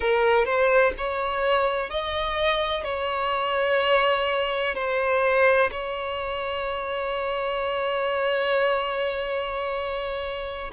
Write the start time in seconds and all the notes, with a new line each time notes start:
0.00 A#4
0.45 C5
0.97 C#5
1.90 D#5
2.84 C#5
4.74 C5
5.71 C#5